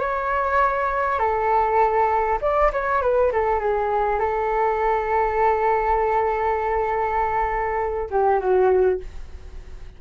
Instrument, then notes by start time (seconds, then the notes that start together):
flute
0.00 C#5
1.19 A4
2.42 D5
2.73 C#5
3.02 B4
3.33 A4
3.60 G#4
4.20 A4
8.11 G4
8.40 F#4